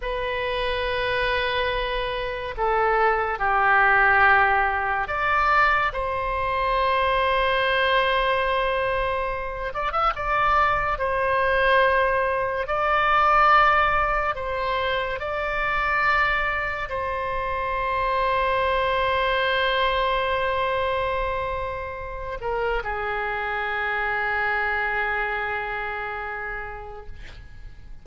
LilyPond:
\new Staff \with { instrumentName = "oboe" } { \time 4/4 \tempo 4 = 71 b'2. a'4 | g'2 d''4 c''4~ | c''2.~ c''8 d''16 e''16 | d''4 c''2 d''4~ |
d''4 c''4 d''2 | c''1~ | c''2~ c''8 ais'8 gis'4~ | gis'1 | }